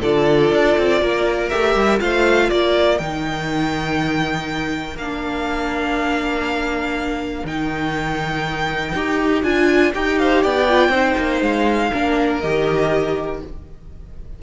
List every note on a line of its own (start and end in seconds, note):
0.00 0.52 D3
0.00 1.51 F4
0.00 0.99 A4
0.00 1.49 D5
0.52 0.76 D4
0.78 1.02 C4
1.02 1.51 A#3
1.02 2.01 A#4
1.49 1.76 A3
1.49 1.99 G4
1.49 1.99 E5
1.76 2.00 G3
1.99 2.51 A3
1.99 2.98 F4
1.99 2.49 C5
1.99 2.50 F5
2.49 3.00 A#3
2.49 10.18 A#4
2.49 2.99 D5
2.99 4.95 D#3
2.99 5.00 D#4
2.99 4.97 G5
4.95 7.43 A#3
4.95 7.48 D4
4.95 7.46 F5
7.44 8.93 D#3
7.44 8.96 D#4
7.44 9.43 G5
8.95 9.43 D#4
8.95 9.43 G4
9.43 9.93 D4
9.43 9.93 F4
9.43 9.93 G#5
9.94 10.45 D#4
9.94 10.68 G4
9.94 10.19 G5
10.19 10.43 C5
10.19 10.44 F5
10.43 10.89 B3
10.43 10.91 D5
10.43 11.42 G5
10.69 10.92 F4
10.89 11.14 C4
10.89 11.91 D#4
10.89 11.90 C5
11.18 11.42 A#3
11.42 11.91 G#3
11.42 12.40 F5
11.92 12.43 A#3
11.92 12.42 D4
11.92 13.40 A#4
12.40 13.43 D#3
12.40 13.42 G4
12.40 13.39 D#5